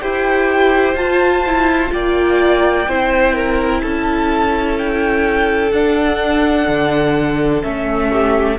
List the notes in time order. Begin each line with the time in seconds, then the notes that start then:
0.00 E4 G4 C5 G5
0.95 F4 A5
1.47 E4
1.90 A#3 F4 D5 G5
2.88 C4 E4 C5
3.34 A#4
3.82 C#4 A4 A5
4.79 G5
5.72 D4 F#5
6.68 D3
7.63 A3 C#4 E5
8.12 G4